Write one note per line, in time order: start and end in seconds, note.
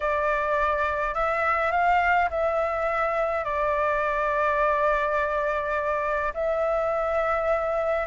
0.00 1.14 D5
1.14 1.71 E5
1.71 2.29 F5
2.30 3.44 E5
3.44 6.33 D5
6.34 8.07 E5